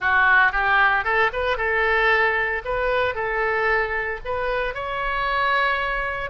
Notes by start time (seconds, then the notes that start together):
0.00 F#4
0.52 G4
1.04 A4
1.33 B4
1.57 A4
2.65 B4
3.14 A4
4.24 B4
4.74 C#5